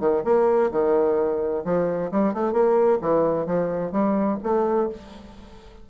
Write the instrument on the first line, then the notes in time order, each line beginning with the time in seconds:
bassoon
0.00 D#3
0.25 A#3
0.72 D#3
1.65 F3
2.11 G3
2.34 A3
2.53 A#3
3.01 E3
3.46 F3
3.92 G3
4.43 A3